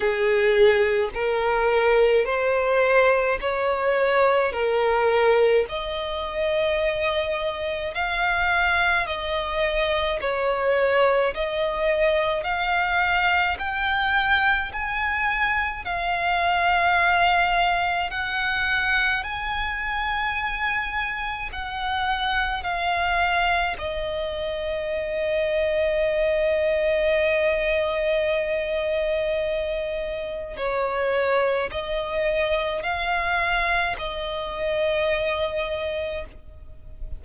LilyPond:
\new Staff \with { instrumentName = "violin" } { \time 4/4 \tempo 4 = 53 gis'4 ais'4 c''4 cis''4 | ais'4 dis''2 f''4 | dis''4 cis''4 dis''4 f''4 | g''4 gis''4 f''2 |
fis''4 gis''2 fis''4 | f''4 dis''2.~ | dis''2. cis''4 | dis''4 f''4 dis''2 | }